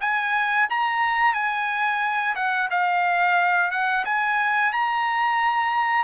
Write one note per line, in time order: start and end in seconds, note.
0.00 0.67 G#5
0.69 1.33 A#5
1.33 2.34 G#5
2.35 2.69 F#5
2.70 3.70 F5
3.70 4.04 F#5
4.05 4.72 G#5
4.72 6.04 A#5